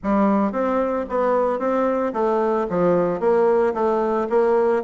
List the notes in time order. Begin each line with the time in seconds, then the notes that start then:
0.03 G3
0.51 C4
1.09 B3
1.59 C4
2.13 A3
2.69 F3
3.19 A#3
3.74 A3
4.29 A#3